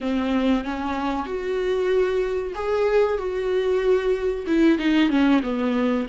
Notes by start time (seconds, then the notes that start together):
0.01 C4
0.64 C#4
1.26 F#4
2.54 G#4
3.17 F#4
4.47 E4
4.78 D#4
5.09 C#4
5.42 B3